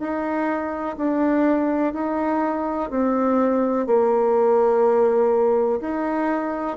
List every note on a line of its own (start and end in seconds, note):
0.00 0.97 D#4
0.98 1.94 D4
1.94 2.90 D#4
2.90 3.87 C4
3.87 5.81 A#3
5.81 6.77 D#4